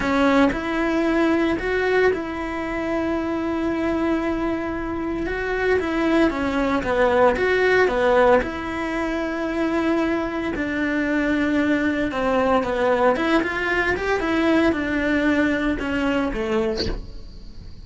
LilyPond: \new Staff \with { instrumentName = "cello" } { \time 4/4 \tempo 4 = 114 cis'4 e'2 fis'4 | e'1~ | e'2 fis'4 e'4 | cis'4 b4 fis'4 b4 |
e'1 | d'2. c'4 | b4 e'8 f'4 g'8 e'4 | d'2 cis'4 a4 | }